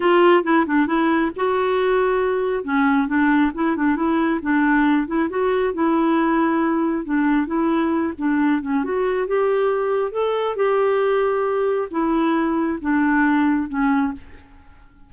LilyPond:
\new Staff \with { instrumentName = "clarinet" } { \time 4/4 \tempo 4 = 136 f'4 e'8 d'8 e'4 fis'4~ | fis'2 cis'4 d'4 | e'8 d'8 e'4 d'4. e'8 | fis'4 e'2. |
d'4 e'4. d'4 cis'8 | fis'4 g'2 a'4 | g'2. e'4~ | e'4 d'2 cis'4 | }